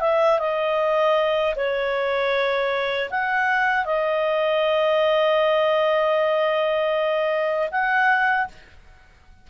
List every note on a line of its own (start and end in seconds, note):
0.00 0.38 E5
0.39 1.54 D#5
1.56 3.09 C#5
3.10 3.85 F#5
3.85 7.70 D#5
7.71 8.48 F#5